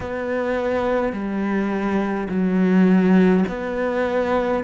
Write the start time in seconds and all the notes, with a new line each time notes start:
0.00 B3
1.12 G3
2.29 F#3
3.48 B3